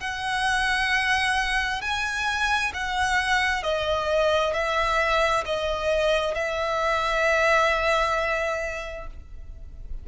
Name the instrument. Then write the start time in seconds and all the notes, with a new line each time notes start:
violin
0.00 F#5
1.81 G#5
2.74 F#5
3.63 D#5
4.53 E5
5.45 D#5
6.34 E5